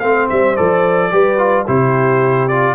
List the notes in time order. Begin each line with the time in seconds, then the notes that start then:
0.00 A3 C4 C5 F5
0.30 G3 E5
0.57 F3 A4 D5
1.11 G3 G4 B4
1.38 F4
1.65 C3 E4 G4 C5
2.49 F4 D5